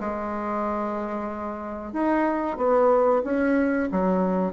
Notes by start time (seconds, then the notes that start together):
0.00 G#3
1.93 D#4
2.57 B3
3.24 C#4
3.91 F#3